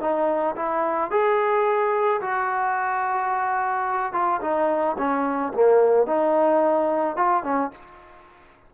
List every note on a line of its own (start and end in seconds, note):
0.00 0.55 D#4
0.56 1.11 E4
1.11 2.21 G#4
2.21 4.12 F#4
4.12 4.40 F4
4.41 4.96 D#4
4.98 5.53 C#4
5.53 6.06 A#3
6.06 7.16 D#4
7.16 7.43 F4
7.43 7.71 C#4